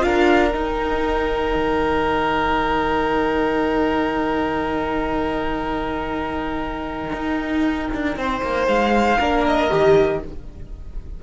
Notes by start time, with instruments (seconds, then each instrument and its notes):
0.00 cello D4, viola F4, violin A#4 F5
0.53 viola D#4, cello D#4, violin G5
1.55 cello D#3
7.13 cello D#4
7.94 cello D4
8.16 cello C4, violin C5
8.42 cello A#3
8.67 cello G#3, violin F5
9.18 cello A#3, viola D4, violin A#4
9.47 violin D#5
9.70 cello D#3, viola G4